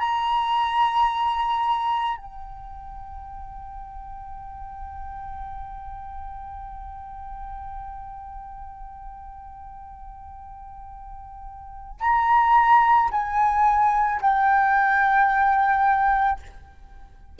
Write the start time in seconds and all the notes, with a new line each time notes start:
0.00 A#5
2.18 G5
12.00 A#5
13.12 G#5
14.22 G5